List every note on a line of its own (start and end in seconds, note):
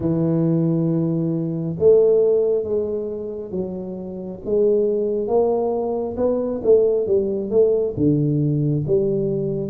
0.00 1.76 E3
1.78 2.64 A3
2.64 3.51 G#3
3.51 4.39 F#3
4.45 5.27 G#3
5.27 6.16 A#3
6.16 6.61 B3
6.63 7.06 A3
7.06 7.50 G3
7.50 7.94 A3
7.97 8.85 D3
8.86 9.70 G3